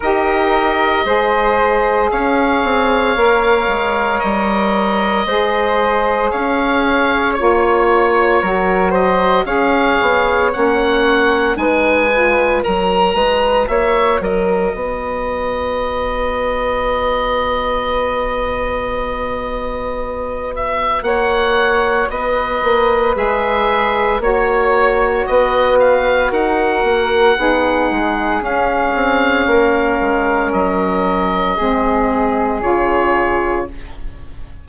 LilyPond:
<<
  \new Staff \with { instrumentName = "oboe" } { \time 4/4 \tempo 4 = 57 dis''2 f''2 | dis''2 f''4 cis''4~ | cis''8 dis''8 f''4 fis''4 gis''4 | ais''4 e''8 dis''2~ dis''8~ |
dis''2.~ dis''8 e''8 | fis''4 dis''4 e''4 cis''4 | dis''8 f''8 fis''2 f''4~ | f''4 dis''2 cis''4 | }
  \new Staff \with { instrumentName = "flute" } { \time 4/4 ais'4 c''4 cis''2~ | cis''4 c''4 cis''2 | ais'8 c''8 cis''2 b'4 | ais'8 b'8 cis''8 ais'8 b'2~ |
b'1 | cis''4 b'2 cis''4 | b'4 ais'4 gis'2 | ais'2 gis'2 | }
  \new Staff \with { instrumentName = "saxophone" } { \time 4/4 g'4 gis'2 ais'4~ | ais'4 gis'2 f'4 | fis'4 gis'4 cis'4 dis'8 f'8 | fis'1~ |
fis'1~ | fis'2 gis'4 fis'4~ | fis'2 dis'4 cis'4~ | cis'2 c'4 f'4 | }
  \new Staff \with { instrumentName = "bassoon" } { \time 4/4 dis'4 gis4 cis'8 c'8 ais8 gis8 | g4 gis4 cis'4 ais4 | fis4 cis'8 b8 ais4 gis4 | fis8 gis8 ais8 fis8 b2~ |
b1 | ais4 b8 ais8 gis4 ais4 | b4 dis'8 ais8 b8 gis8 cis'8 c'8 | ais8 gis8 fis4 gis4 cis4 | }
>>